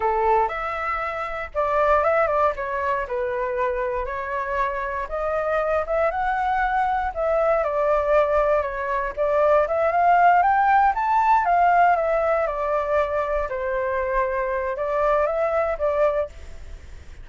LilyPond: \new Staff \with { instrumentName = "flute" } { \time 4/4 \tempo 4 = 118 a'4 e''2 d''4 | e''8 d''8 cis''4 b'2 | cis''2 dis''4. e''8 | fis''2 e''4 d''4~ |
d''4 cis''4 d''4 e''8 f''8~ | f''8 g''4 a''4 f''4 e''8~ | e''8 d''2 c''4.~ | c''4 d''4 e''4 d''4 | }